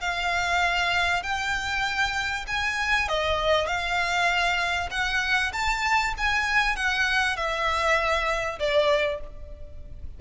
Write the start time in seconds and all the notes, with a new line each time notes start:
0.00 F5
1.23 G5
2.47 G#5
3.08 D#5
3.67 F5
4.91 F#5
5.53 A5
6.18 G#5
6.76 F#5
7.36 E5
8.59 D5